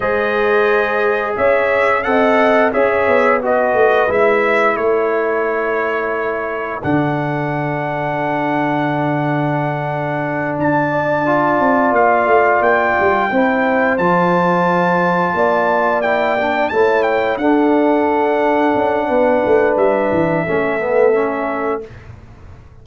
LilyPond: <<
  \new Staff \with { instrumentName = "trumpet" } { \time 4/4 \tempo 4 = 88 dis''2 e''4 fis''4 | e''4 dis''4 e''4 cis''4~ | cis''2 fis''2~ | fis''2.~ fis''8 a''8~ |
a''4. f''4 g''4.~ | g''8 a''2. g''8~ | g''8 a''8 g''8 fis''2~ fis''8~ | fis''4 e''2. | }
  \new Staff \with { instrumentName = "horn" } { \time 4/4 c''2 cis''4 dis''4 | cis''4 b'2 a'4~ | a'1~ | a'1 |
d''2.~ d''8 c''8~ | c''2~ c''8 d''4.~ | d''8 cis''4 a'2~ a'8 | b'2 a'2 | }
  \new Staff \with { instrumentName = "trombone" } { \time 4/4 gis'2. a'4 | gis'4 fis'4 e'2~ | e'2 d'2~ | d'1~ |
d'8 f'2. e'8~ | e'8 f'2. e'8 | d'8 e'4 d'2~ d'8~ | d'2 cis'8 b8 cis'4 | }
  \new Staff \with { instrumentName = "tuba" } { \time 4/4 gis2 cis'4 c'4 | cis'8 b4 a8 gis4 a4~ | a2 d2~ | d2.~ d8 d'8~ |
d'4 c'8 ais8 a8 ais8 g8 c'8~ | c'8 f2 ais4.~ | ais8 a4 d'2 cis'8 | b8 a8 g8 e8 a2 | }
>>